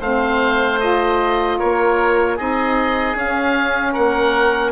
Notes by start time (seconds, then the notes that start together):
0.00 A3 C4 C5 F5
0.80 F4 D#5
1.58 A#3 A#4 C#5
2.36 C4 D#4 G#4 D#5
3.15 C#4 F5
3.92 A#3 A#4 F#5